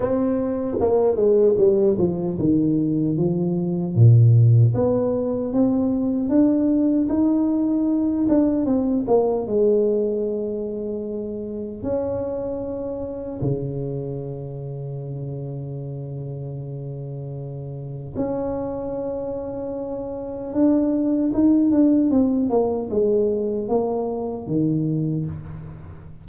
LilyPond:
\new Staff \with { instrumentName = "tuba" } { \time 4/4 \tempo 4 = 76 c'4 ais8 gis8 g8 f8 dis4 | f4 ais,4 b4 c'4 | d'4 dis'4. d'8 c'8 ais8 | gis2. cis'4~ |
cis'4 cis2.~ | cis2. cis'4~ | cis'2 d'4 dis'8 d'8 | c'8 ais8 gis4 ais4 dis4 | }